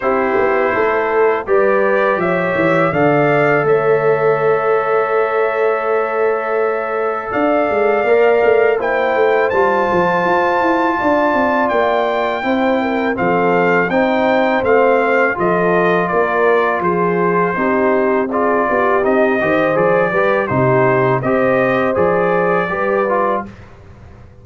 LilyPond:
<<
  \new Staff \with { instrumentName = "trumpet" } { \time 4/4 \tempo 4 = 82 c''2 d''4 e''4 | f''4 e''2.~ | e''2 f''2 | g''4 a''2. |
g''2 f''4 g''4 | f''4 dis''4 d''4 c''4~ | c''4 d''4 dis''4 d''4 | c''4 dis''4 d''2 | }
  \new Staff \with { instrumentName = "horn" } { \time 4/4 g'4 a'4 b'4 cis''4 | d''4 cis''2.~ | cis''2 d''2 | c''2. d''4~ |
d''4 c''8 ais'8 a'4 c''4~ | c''4 a'4 ais'4 gis'4 | g'4 gis'8 g'4 c''4 b'8 | g'4 c''2 b'4 | }
  \new Staff \with { instrumentName = "trombone" } { \time 4/4 e'2 g'2 | a'1~ | a'2. ais'4 | e'4 f'2.~ |
f'4 e'4 c'4 dis'4 | c'4 f'2. | dis'4 f'4 dis'8 g'8 gis'8 g'8 | dis'4 g'4 gis'4 g'8 f'8 | }
  \new Staff \with { instrumentName = "tuba" } { \time 4/4 c'8 b8 a4 g4 f8 e8 | d4 a2.~ | a2 d'8 gis8 ais8 a8 | ais8 a8 g8 f8 f'8 e'8 d'8 c'8 |
ais4 c'4 f4 c'4 | a4 f4 ais4 f4 | c'4. b8 c'8 dis8 f8 g8 | c4 c'4 f4 g4 | }
>>